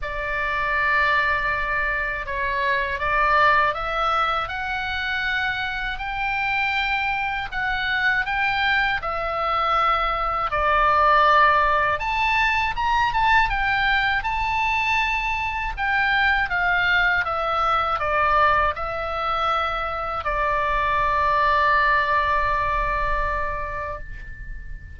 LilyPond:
\new Staff \with { instrumentName = "oboe" } { \time 4/4 \tempo 4 = 80 d''2. cis''4 | d''4 e''4 fis''2 | g''2 fis''4 g''4 | e''2 d''2 |
a''4 ais''8 a''8 g''4 a''4~ | a''4 g''4 f''4 e''4 | d''4 e''2 d''4~ | d''1 | }